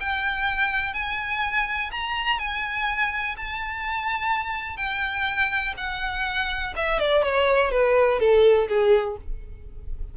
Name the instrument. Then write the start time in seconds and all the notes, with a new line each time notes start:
violin
0.00 G5
0.94 G#5
1.91 A#5
2.39 G#5
3.37 A5
4.77 G5
5.77 F#5
6.76 E5
6.99 D5
7.23 C#5
7.71 B4
8.20 A4
8.69 G#4